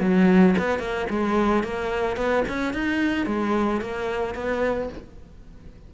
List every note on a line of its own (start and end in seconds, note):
0.00 0.55 F#3
0.58 0.79 B3
0.79 1.06 A#3
1.10 1.63 G#3
1.63 2.16 A#3
2.16 2.43 B3
2.48 2.73 C#4
2.73 3.26 D#4
3.26 3.80 G#3
3.80 4.34 A#3
4.34 4.89 B3